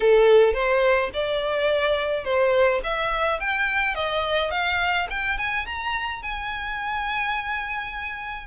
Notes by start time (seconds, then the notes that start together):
0.00 A4
0.53 C5
1.13 D5
2.24 C5
2.83 E5
3.40 G5
3.94 D#5
4.51 F5
5.09 G5
5.37 G#5
5.66 A#5
6.22 G#5